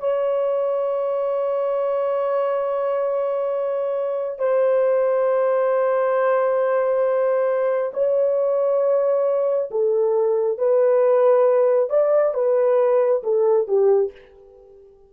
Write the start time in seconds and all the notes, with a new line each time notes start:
0.00 C#5
4.39 C5
7.94 C#5
9.71 A4
10.58 B4
11.90 D5
12.34 B4
13.24 A4
13.68 G4